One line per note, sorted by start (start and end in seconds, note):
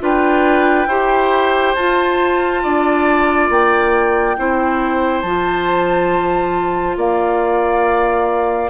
0.00 0.87 D4
0.00 0.87 F4
0.00 0.88 B4
0.00 1.75 G5
0.87 1.74 E4
0.87 1.77 G4
0.87 2.62 C5
1.75 2.63 F4
1.75 4.37 F4
1.75 3.49 A5
2.63 3.50 D4
2.63 4.37 D5
3.50 4.37 A#3
3.50 5.22 G5
4.37 5.23 C4
4.37 5.24 E4
4.37 6.98 C5
5.22 6.97 F3
5.22 8.70 F4
5.22 6.96 A5
6.97 8.70 A#3
6.97 8.70 D5
6.97 8.70 F5